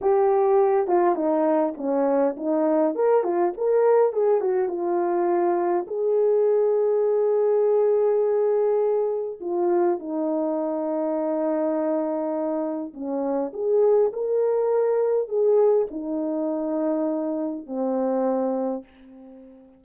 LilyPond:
\new Staff \with { instrumentName = "horn" } { \time 4/4 \tempo 4 = 102 g'4. f'8 dis'4 cis'4 | dis'4 ais'8 f'8 ais'4 gis'8 fis'8 | f'2 gis'2~ | gis'1 |
f'4 dis'2.~ | dis'2 cis'4 gis'4 | ais'2 gis'4 dis'4~ | dis'2 c'2 | }